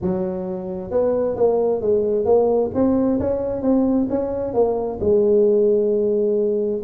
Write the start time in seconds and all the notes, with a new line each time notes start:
0.01 F#3
0.90 B3
1.36 A#3
1.81 G#3
2.25 A#3
2.74 C4
3.19 C#4
3.62 C4
4.09 C#4
4.53 A#3
5.00 G#3